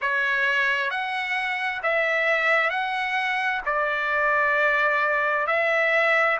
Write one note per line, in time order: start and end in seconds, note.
0.01 0.90 C#5
0.90 1.81 F#5
1.83 2.70 E5
2.70 3.61 F#5
3.65 5.46 D5
5.46 6.37 E5